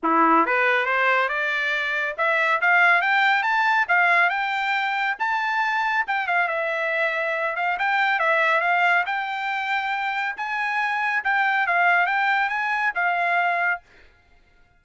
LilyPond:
\new Staff \with { instrumentName = "trumpet" } { \time 4/4 \tempo 4 = 139 e'4 b'4 c''4 d''4~ | d''4 e''4 f''4 g''4 | a''4 f''4 g''2 | a''2 g''8 f''8 e''4~ |
e''4. f''8 g''4 e''4 | f''4 g''2. | gis''2 g''4 f''4 | g''4 gis''4 f''2 | }